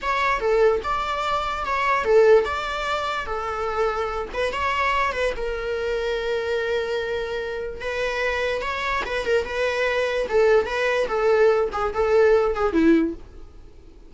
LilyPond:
\new Staff \with { instrumentName = "viola" } { \time 4/4 \tempo 4 = 146 cis''4 a'4 d''2 | cis''4 a'4 d''2 | a'2~ a'8 b'8 cis''4~ | cis''8 b'8 ais'2.~ |
ais'2. b'4~ | b'4 cis''4 b'8 ais'8 b'4~ | b'4 a'4 b'4 a'4~ | a'8 gis'8 a'4. gis'8 e'4 | }